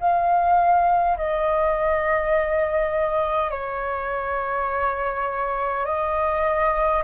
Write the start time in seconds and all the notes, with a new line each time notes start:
0.00 F5
1.17 D#5
3.51 C#5
5.86 D#5